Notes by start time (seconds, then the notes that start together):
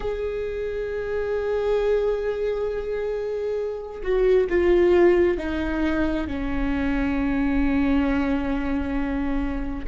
0.00 G#4
4.02 F#4
4.49 F4
5.37 D#4
6.27 C#4